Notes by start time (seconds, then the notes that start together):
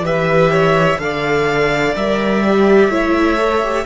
0.00 E3 G4 B4 E5
0.51 C#5
0.99 D3 A4 D5 F5
1.95 G3 A#4 E5
2.43 G4
2.88 A3 E4 C#5
3.37 A4
3.63 G4